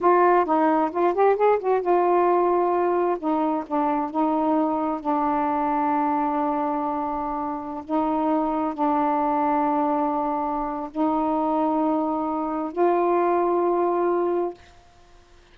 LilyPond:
\new Staff \with { instrumentName = "saxophone" } { \time 4/4 \tempo 4 = 132 f'4 dis'4 f'8 g'8 gis'8 fis'8 | f'2. dis'4 | d'4 dis'2 d'4~ | d'1~ |
d'4~ d'16 dis'2 d'8.~ | d'1 | dis'1 | f'1 | }